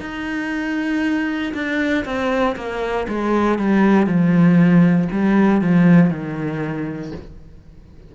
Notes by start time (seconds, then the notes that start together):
0.00 D#4
1.53 D4
2.05 C4
2.56 A#3
3.08 G#3
3.58 G3
4.06 F3
5.11 G3
5.61 F3
6.10 D#3